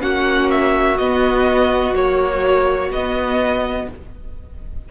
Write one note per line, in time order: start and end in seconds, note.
0.00 0.99 A#3
0.00 0.97 C#4
0.00 3.89 F#4
0.00 0.50 F#5
0.51 0.98 E5
0.98 1.95 B3
0.98 1.94 B3
0.98 1.95 D#5
1.94 2.91 F#3
1.94 2.91 A#3
1.94 2.92 C#5
2.91 3.88 B3
2.91 3.92 B3
2.91 3.89 D#5